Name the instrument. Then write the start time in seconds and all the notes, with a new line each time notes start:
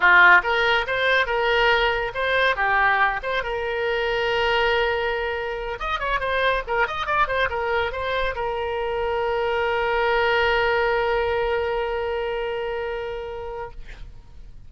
oboe
0.00 F4
0.43 A#4
0.86 C5
1.26 A#4
2.14 C5
2.56 G4
3.22 C5
3.43 A#4
5.79 D#5
5.99 C#5
6.20 C5
6.67 A#4
6.87 D#5
7.06 D5
7.27 C5
7.49 A#4
7.92 C5
8.35 A#4